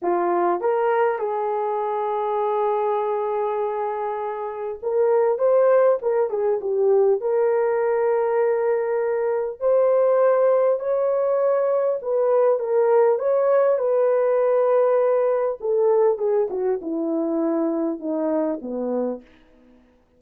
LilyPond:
\new Staff \with { instrumentName = "horn" } { \time 4/4 \tempo 4 = 100 f'4 ais'4 gis'2~ | gis'1 | ais'4 c''4 ais'8 gis'8 g'4 | ais'1 |
c''2 cis''2 | b'4 ais'4 cis''4 b'4~ | b'2 a'4 gis'8 fis'8 | e'2 dis'4 b4 | }